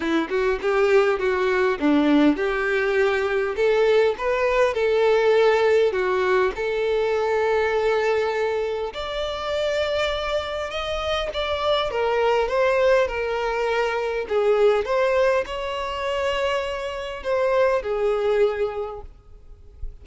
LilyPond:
\new Staff \with { instrumentName = "violin" } { \time 4/4 \tempo 4 = 101 e'8 fis'8 g'4 fis'4 d'4 | g'2 a'4 b'4 | a'2 fis'4 a'4~ | a'2. d''4~ |
d''2 dis''4 d''4 | ais'4 c''4 ais'2 | gis'4 c''4 cis''2~ | cis''4 c''4 gis'2 | }